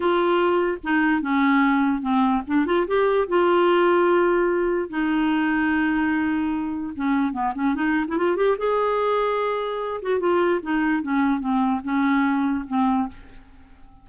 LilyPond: \new Staff \with { instrumentName = "clarinet" } { \time 4/4 \tempo 4 = 147 f'2 dis'4 cis'4~ | cis'4 c'4 d'8 f'8 g'4 | f'1 | dis'1~ |
dis'4 cis'4 b8 cis'8 dis'8. e'16 | f'8 g'8 gis'2.~ | gis'8 fis'8 f'4 dis'4 cis'4 | c'4 cis'2 c'4 | }